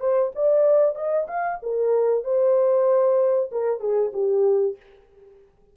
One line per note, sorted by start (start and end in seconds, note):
0.00 0.32 C5
0.35 0.95 D5
0.95 1.27 D#5
1.27 1.59 F5
1.62 2.24 A#4
2.24 3.51 C5
3.52 3.80 A#4
3.80 4.12 G#4
4.13 4.76 G4